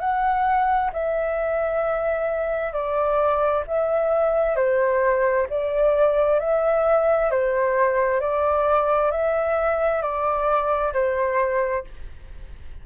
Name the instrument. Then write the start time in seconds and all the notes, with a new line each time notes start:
flute
0.00 F#5
0.93 E5
2.73 D5
3.67 E5
4.56 C5
5.50 D5
6.40 E5
7.31 C5
8.20 D5
9.11 E5
10.02 D5
10.93 C5